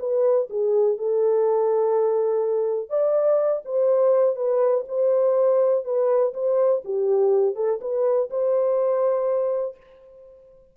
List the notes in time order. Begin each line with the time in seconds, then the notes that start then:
0.00 B4
0.50 G#4
0.98 A4
2.90 D5
3.65 C5
4.36 B4
4.88 C5
5.85 B4
6.34 C5
6.85 G4
7.56 A4
7.82 B4
8.31 C5